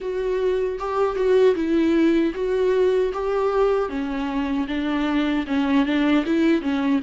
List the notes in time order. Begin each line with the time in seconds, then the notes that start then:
0.00 F#4
0.78 G4
1.15 F#4
1.55 E4
2.34 F#4
3.13 G4
3.89 C#4
4.67 D4
5.47 C#4
5.85 D4
6.25 E4
6.61 C#4